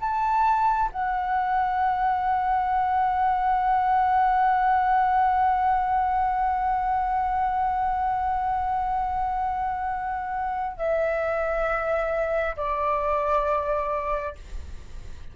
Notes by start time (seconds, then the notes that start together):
0.00 A5
0.92 F#5
10.77 E5
12.56 D5